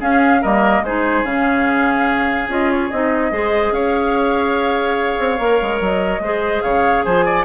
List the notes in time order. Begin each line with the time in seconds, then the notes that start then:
0.00 C#4 G#4 F5
0.41 G3 A#3 A#4 D#5
0.82 G#3 D#4 G#4 C5
1.23 C#3 C#4 F5
2.48 C#4 F4 D#5
2.71 C#5
2.91 C4 D#4 D#5
3.31 G#3 G#4 C5
3.71 C#4 C#5 F5
5.19 C4
5.38 A#3 A#4
5.62 G#3
5.80 F#3 D#5
6.19 G#3 G#4 C5
6.62 C#3 C#5 F5
7.03 F3 C5 G#5
7.25 D5